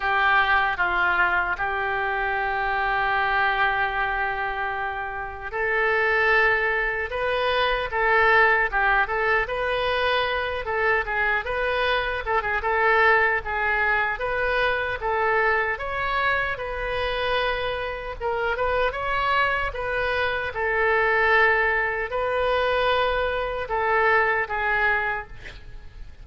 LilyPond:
\new Staff \with { instrumentName = "oboe" } { \time 4/4 \tempo 4 = 76 g'4 f'4 g'2~ | g'2. a'4~ | a'4 b'4 a'4 g'8 a'8 | b'4. a'8 gis'8 b'4 a'16 gis'16 |
a'4 gis'4 b'4 a'4 | cis''4 b'2 ais'8 b'8 | cis''4 b'4 a'2 | b'2 a'4 gis'4 | }